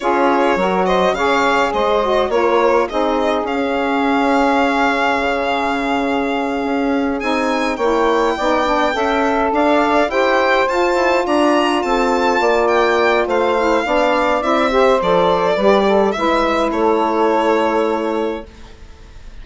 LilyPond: <<
  \new Staff \with { instrumentName = "violin" } { \time 4/4 \tempo 4 = 104 cis''4. dis''8 f''4 dis''4 | cis''4 dis''4 f''2~ | f''1~ | f''8 gis''4 g''2~ g''8~ |
g''8 f''4 g''4 a''4 ais''8~ | ais''8 a''4. g''4 f''4~ | f''4 e''4 d''2 | e''4 cis''2. | }
  \new Staff \with { instrumentName = "saxophone" } { \time 4/4 gis'4 ais'8 c''8 cis''4 c''4 | ais'4 gis'2.~ | gis'1~ | gis'4. cis''4 d''4 e''8~ |
e''8 d''4 c''2 d''8~ | d''8 a'4 d''4. c''4 | d''4. c''4. b'8 a'8 | b'4 a'2. | }
  \new Staff \with { instrumentName = "saxophone" } { \time 4/4 f'4 fis'4 gis'4. fis'8 | f'4 dis'4 cis'2~ | cis'1~ | cis'8 dis'4 e'4 dis'8 d'8 a'8~ |
a'4. g'4 f'4.~ | f'2.~ f'8 e'8 | d'4 e'8 g'8 a'4 g'4 | e'1 | }
  \new Staff \with { instrumentName = "bassoon" } { \time 4/4 cis'4 fis4 cis4 gis4 | ais4 c'4 cis'2~ | cis'4 cis2~ cis8 cis'8~ | cis'8 c'4 ais4 b4 cis'8~ |
cis'8 d'4 e'4 f'8 e'8 d'8~ | d'8 c'4 ais4. a4 | b4 c'4 f4 g4 | gis4 a2. | }
>>